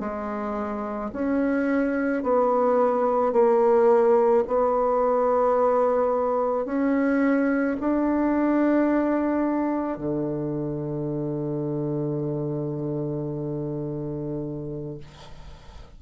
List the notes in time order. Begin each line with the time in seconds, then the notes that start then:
0.00 G#3
1.13 C#4
2.23 B3
3.33 A#3
4.47 B3
6.65 C#4
7.80 D4
9.98 D3